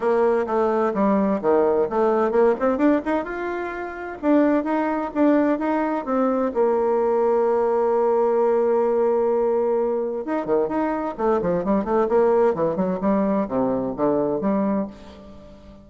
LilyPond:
\new Staff \with { instrumentName = "bassoon" } { \time 4/4 \tempo 4 = 129 ais4 a4 g4 dis4 | a4 ais8 c'8 d'8 dis'8 f'4~ | f'4 d'4 dis'4 d'4 | dis'4 c'4 ais2~ |
ais1~ | ais2 dis'8 dis8 dis'4 | a8 f8 g8 a8 ais4 e8 fis8 | g4 c4 d4 g4 | }